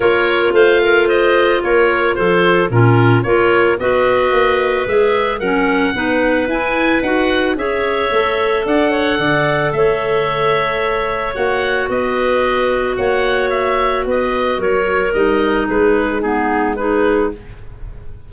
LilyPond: <<
  \new Staff \with { instrumentName = "oboe" } { \time 4/4 \tempo 4 = 111 cis''4 f''4 dis''4 cis''4 | c''4 ais'4 cis''4 dis''4~ | dis''4 e''4 fis''2 | gis''4 fis''4 e''2 |
fis''2 e''2~ | e''4 fis''4 dis''2 | fis''4 e''4 dis''4 cis''4 | dis''4 b'4 gis'4 b'4 | }
  \new Staff \with { instrumentName = "clarinet" } { \time 4/4 ais'4 c''8 ais'8 c''4 ais'4 | a'4 f'4 ais'4 b'4~ | b'2 ais'4 b'4~ | b'2 cis''2 |
d''8 cis''8 d''4 cis''2~ | cis''2 b'2 | cis''2 b'4 ais'4~ | ais'4 gis'4 dis'4 gis'4 | }
  \new Staff \with { instrumentName = "clarinet" } { \time 4/4 f'1~ | f'4 cis'4 f'4 fis'4~ | fis'4 gis'4 cis'4 dis'4 | e'4 fis'4 gis'4 a'4~ |
a'1~ | a'4 fis'2.~ | fis'1 | dis'2 b4 dis'4 | }
  \new Staff \with { instrumentName = "tuba" } { \time 4/4 ais4 a2 ais4 | f4 ais,4 ais4 b4 | ais4 gis4 fis4 b4 | e'4 dis'4 cis'4 a4 |
d'4 d4 a2~ | a4 ais4 b2 | ais2 b4 fis4 | g4 gis2. | }
>>